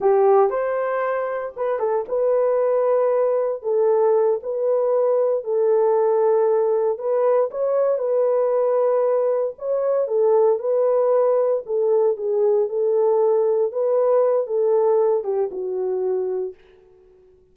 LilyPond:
\new Staff \with { instrumentName = "horn" } { \time 4/4 \tempo 4 = 116 g'4 c''2 b'8 a'8 | b'2. a'4~ | a'8 b'2 a'4.~ | a'4. b'4 cis''4 b'8~ |
b'2~ b'8 cis''4 a'8~ | a'8 b'2 a'4 gis'8~ | gis'8 a'2 b'4. | a'4. g'8 fis'2 | }